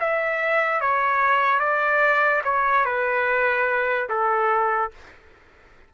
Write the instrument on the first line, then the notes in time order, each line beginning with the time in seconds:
trumpet
0.00 E5
0.81 C#5
1.60 D5
2.44 C#5
2.85 B4
4.09 A4